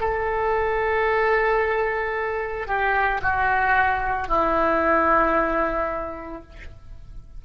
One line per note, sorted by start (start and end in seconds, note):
0.00 2.67 A4
2.67 3.21 G4
3.22 4.28 F#4
4.28 6.42 E4